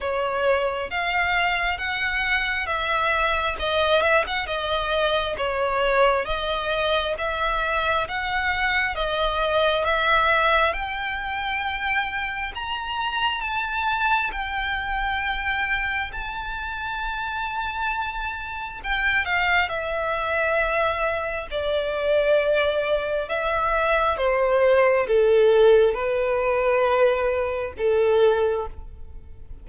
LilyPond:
\new Staff \with { instrumentName = "violin" } { \time 4/4 \tempo 4 = 67 cis''4 f''4 fis''4 e''4 | dis''8 e''16 fis''16 dis''4 cis''4 dis''4 | e''4 fis''4 dis''4 e''4 | g''2 ais''4 a''4 |
g''2 a''2~ | a''4 g''8 f''8 e''2 | d''2 e''4 c''4 | a'4 b'2 a'4 | }